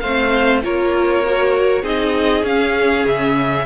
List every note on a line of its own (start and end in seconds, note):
0.00 0.64 A3
0.00 0.63 C4
0.00 0.63 C5
0.00 0.61 F5
0.63 1.83 A#3
0.63 1.23 F4
0.63 1.82 A#4
0.63 1.85 C#5
1.26 1.83 F#4
1.82 2.44 C4
1.82 2.44 D#4
1.82 3.64 G#4
1.82 2.45 D#5
2.44 3.04 C#4
2.44 3.66 C#4
2.44 3.07 F5
3.06 3.66 C#3
3.06 3.66 E5